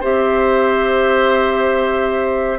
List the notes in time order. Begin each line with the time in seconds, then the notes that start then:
0.00 C4 G4 C5 E5